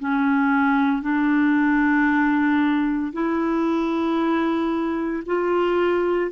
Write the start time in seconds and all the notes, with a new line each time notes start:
0.00 C#4
1.02 D4
3.13 E4
5.26 F4